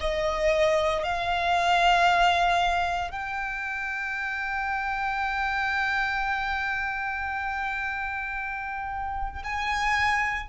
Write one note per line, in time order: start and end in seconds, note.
0.00 1.03 D#5
1.03 3.11 F5
3.11 9.42 G5
9.44 10.49 G#5